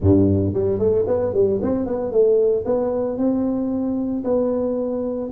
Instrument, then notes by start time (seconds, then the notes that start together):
tuba
0.00 G2
0.53 G3
0.78 A3
1.07 B3
1.33 G3
1.62 C4
1.86 B3
2.11 A3
2.65 B3
3.17 C4
4.24 B3